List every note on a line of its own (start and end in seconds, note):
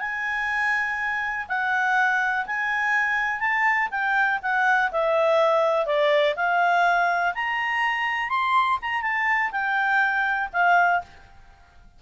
0.00 1.46 G#5
1.49 2.46 F#5
2.46 3.40 G#5
3.40 3.89 A5
3.91 4.39 G5
4.43 4.91 F#5
4.91 5.86 E5
5.86 6.35 D5
6.36 7.33 F5
7.34 8.29 A#5
8.29 8.78 C6
8.81 9.02 A#5
9.02 9.51 A5
9.51 10.49 G5
10.53 11.01 F5